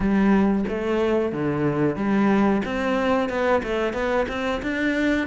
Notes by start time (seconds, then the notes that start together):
0.00 G3
0.68 A3
1.32 D3
1.95 G3
2.65 C4
3.29 B3
3.63 A3
3.93 B3
4.28 C4
4.62 D4